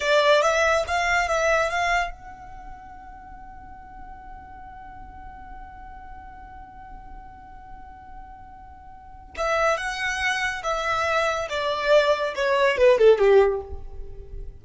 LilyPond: \new Staff \with { instrumentName = "violin" } { \time 4/4 \tempo 4 = 141 d''4 e''4 f''4 e''4 | f''4 fis''2.~ | fis''1~ | fis''1~ |
fis''1~ | fis''2 e''4 fis''4~ | fis''4 e''2 d''4~ | d''4 cis''4 b'8 a'8 g'4 | }